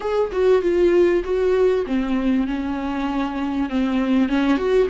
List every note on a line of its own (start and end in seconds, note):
0.00 0.31 G#4
0.32 0.62 F#4
0.62 1.23 F4
1.24 1.85 F#4
1.86 2.47 C4
2.47 3.69 C#4
3.69 4.29 C4
4.29 4.57 C#4
4.57 4.87 F#4